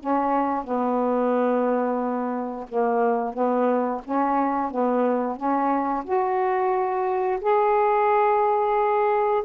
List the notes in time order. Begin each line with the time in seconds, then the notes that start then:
0.00 C#4
0.64 B3
2.69 A#3
3.34 B3
4.05 C#4
4.71 B3
5.37 C#4
6.05 F#4
7.41 G#4